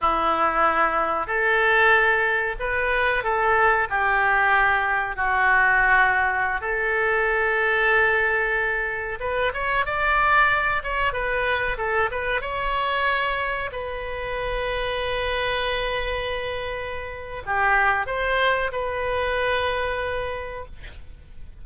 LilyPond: \new Staff \with { instrumentName = "oboe" } { \time 4/4 \tempo 4 = 93 e'2 a'2 | b'4 a'4 g'2 | fis'2~ fis'16 a'4.~ a'16~ | a'2~ a'16 b'8 cis''8 d''8.~ |
d''8. cis''8 b'4 a'8 b'8 cis''8.~ | cis''4~ cis''16 b'2~ b'8.~ | b'2. g'4 | c''4 b'2. | }